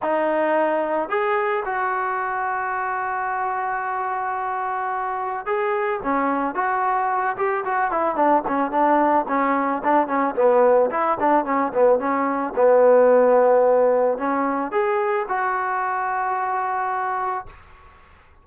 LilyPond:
\new Staff \with { instrumentName = "trombone" } { \time 4/4 \tempo 4 = 110 dis'2 gis'4 fis'4~ | fis'1~ | fis'2 gis'4 cis'4 | fis'4. g'8 fis'8 e'8 d'8 cis'8 |
d'4 cis'4 d'8 cis'8 b4 | e'8 d'8 cis'8 b8 cis'4 b4~ | b2 cis'4 gis'4 | fis'1 | }